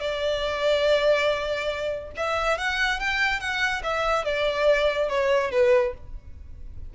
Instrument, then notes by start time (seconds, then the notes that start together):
violin
0.00 D5
2.17 E5
2.58 F#5
3.00 G5
3.40 F#5
3.83 E5
4.25 D5
5.09 C#5
5.51 B4